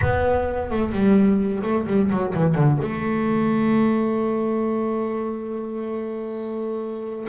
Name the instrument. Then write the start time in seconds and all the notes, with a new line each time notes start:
double bass
0.01 B3
0.71 A3
0.92 G3
1.63 A3
1.86 G3
2.10 F#3
2.34 E3
2.54 D3
2.81 A3